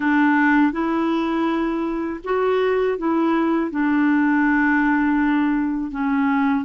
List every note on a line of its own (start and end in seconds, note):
0.00 0.72 D4
0.72 2.20 E4
2.24 2.98 F#4
2.98 3.70 E4
3.70 5.91 D4
5.91 6.64 C#4